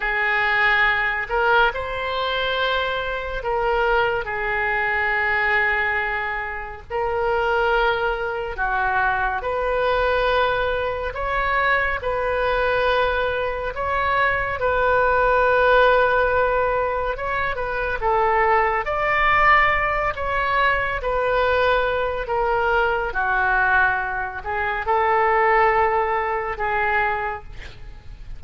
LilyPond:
\new Staff \with { instrumentName = "oboe" } { \time 4/4 \tempo 4 = 70 gis'4. ais'8 c''2 | ais'4 gis'2. | ais'2 fis'4 b'4~ | b'4 cis''4 b'2 |
cis''4 b'2. | cis''8 b'8 a'4 d''4. cis''8~ | cis''8 b'4. ais'4 fis'4~ | fis'8 gis'8 a'2 gis'4 | }